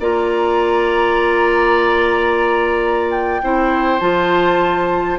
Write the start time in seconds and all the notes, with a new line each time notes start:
0.00 A#3 F4 D5 A#5
3.11 G5
3.43 C4 E4 C5
3.99 F3 F4 A5